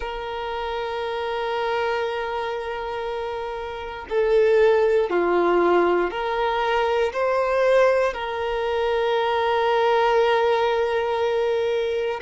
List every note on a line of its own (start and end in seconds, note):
0.00 4.06 A#4
4.09 5.09 A4
5.09 6.10 F4
6.10 7.12 A#4
7.12 8.13 C5
8.13 12.20 A#4